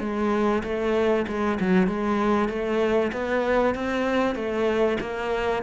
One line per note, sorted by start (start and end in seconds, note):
0.00 0.62 G#3
0.63 1.26 A3
1.28 1.59 G#3
1.60 1.87 F#3
1.87 2.49 G#3
2.49 3.11 A3
3.12 3.74 B3
3.74 4.35 C4
4.35 4.97 A3
5.00 5.62 A#3